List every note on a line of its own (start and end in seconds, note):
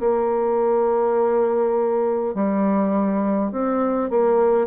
0.00 2.35 A#3
2.35 3.52 G3
3.52 4.11 C4
4.11 4.67 A#3